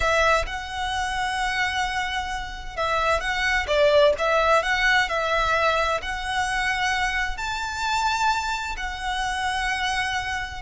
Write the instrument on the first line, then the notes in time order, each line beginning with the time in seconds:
violin
0.00 E5
0.46 F#5
2.76 E5
3.20 F#5
3.67 D5
4.18 E5
4.62 F#5
5.08 E5
6.02 F#5
7.37 A5
8.77 F#5